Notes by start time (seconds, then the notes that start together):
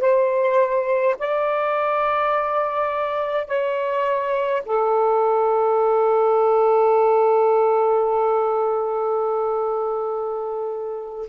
0.00 C5
1.19 D5
3.47 C#5
4.65 A4